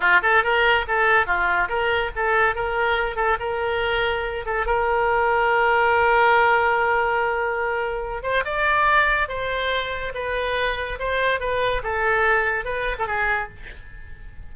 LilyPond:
\new Staff \with { instrumentName = "oboe" } { \time 4/4 \tempo 4 = 142 f'8 a'8 ais'4 a'4 f'4 | ais'4 a'4 ais'4. a'8 | ais'2~ ais'8 a'8 ais'4~ | ais'1~ |
ais'2.~ ais'8 c''8 | d''2 c''2 | b'2 c''4 b'4 | a'2 b'8. a'16 gis'4 | }